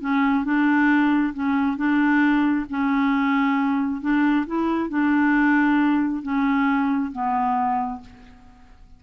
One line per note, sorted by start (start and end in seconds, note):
0.00 0.44 C#4
0.44 1.33 D4
1.33 1.76 C#4
1.76 2.65 D4
2.69 4.01 C#4
4.01 4.45 D4
4.46 4.89 E4
4.89 6.22 D4
6.22 7.11 C#4
7.11 8.00 B3